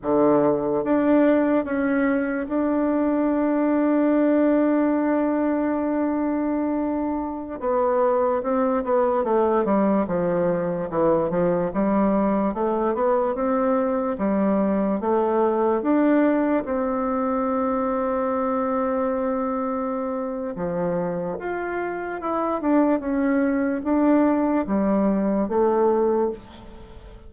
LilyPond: \new Staff \with { instrumentName = "bassoon" } { \time 4/4 \tempo 4 = 73 d4 d'4 cis'4 d'4~ | d'1~ | d'4~ d'16 b4 c'8 b8 a8 g16~ | g16 f4 e8 f8 g4 a8 b16~ |
b16 c'4 g4 a4 d'8.~ | d'16 c'2.~ c'8.~ | c'4 f4 f'4 e'8 d'8 | cis'4 d'4 g4 a4 | }